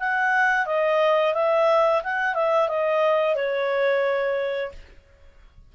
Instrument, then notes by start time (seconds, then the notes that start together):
clarinet
0.00 F#5
0.66 D#5
1.35 E5
2.04 F#5
2.35 E5
2.68 D#5
3.36 C#5